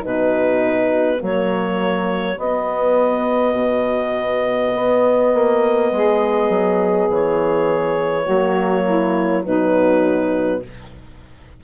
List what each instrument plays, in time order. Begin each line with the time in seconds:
0.00 bassoon B2, horn D#4, saxophone F#4, clarinet B4
1.19 bassoon F#3, horn A#3, clarinet C#5
2.37 bassoon B3, horn B3, clarinet D#5
3.53 bassoon B2
4.74 bassoon B3
5.34 bassoon A#3
5.91 bassoon G#3, saxophone G#4
6.49 bassoon F#3
7.09 bassoon E3, clarinet C#5
8.23 bassoon F#3, horn A#3, saxophone F#4
8.85 saxophone E4
9.44 bassoon B2, horn F#3, saxophone D#4, clarinet B4